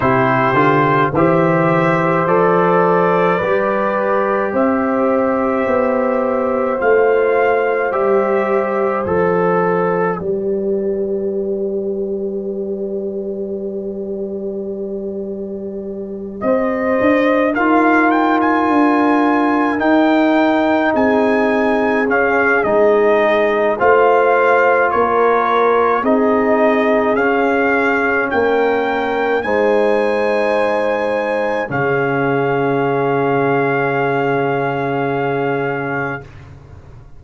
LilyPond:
<<
  \new Staff \with { instrumentName = "trumpet" } { \time 4/4 \tempo 4 = 53 c''4 e''4 d''2 | e''2 f''4 e''4 | d''1~ | d''2~ d''8 dis''4 f''8 |
g''16 gis''4~ gis''16 g''4 gis''4 f''8 | dis''4 f''4 cis''4 dis''4 | f''4 g''4 gis''2 | f''1 | }
  \new Staff \with { instrumentName = "horn" } { \time 4/4 g'4 c''2 b'4 | c''1~ | c''4 b'2.~ | b'2~ b'8 c''4 ais'8~ |
ais'2~ ais'8 gis'4.~ | gis'4 c''4 ais'4 gis'4~ | gis'4 ais'4 c''2 | gis'1 | }
  \new Staff \with { instrumentName = "trombone" } { \time 4/4 e'8 f'8 g'4 a'4 g'4~ | g'2 f'4 g'4 | a'4 g'2.~ | g'2.~ g'8 f'8~ |
f'4. dis'2 cis'8 | dis'4 f'2 dis'4 | cis'2 dis'2 | cis'1 | }
  \new Staff \with { instrumentName = "tuba" } { \time 4/4 c8 d8 e4 f4 g4 | c'4 b4 a4 g4 | f4 g2.~ | g2~ g8 c'8 d'8 dis'8~ |
dis'8 d'4 dis'4 c'4 cis'8 | gis4 a4 ais4 c'4 | cis'4 ais4 gis2 | cis1 | }
>>